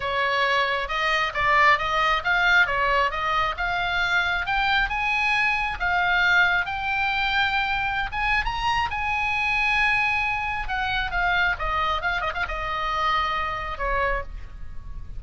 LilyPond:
\new Staff \with { instrumentName = "oboe" } { \time 4/4 \tempo 4 = 135 cis''2 dis''4 d''4 | dis''4 f''4 cis''4 dis''4 | f''2 g''4 gis''4~ | gis''4 f''2 g''4~ |
g''2~ g''16 gis''8. ais''4 | gis''1 | fis''4 f''4 dis''4 f''8 dis''16 f''16 | dis''2. cis''4 | }